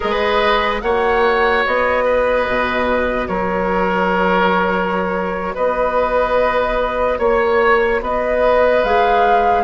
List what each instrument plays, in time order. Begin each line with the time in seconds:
0.00 bassoon G#3, clarinet G#4, oboe B4, flute D#5
0.81 bassoon A#3, clarinet F#4, oboe C#5, flute F#5
1.66 bassoon B3, flute D#5
2.04 oboe B4
2.48 bassoon B2
3.27 bassoon F#3, oboe A#4, flute C#5
5.54 bassoon B3, oboe B4, flute D#5
7.18 bassoon A#3, oboe C#5, flute C#5
8.01 bassoon B3, oboe B4, flute D#5
8.84 bassoon G#3, clarinet G#4, flute F5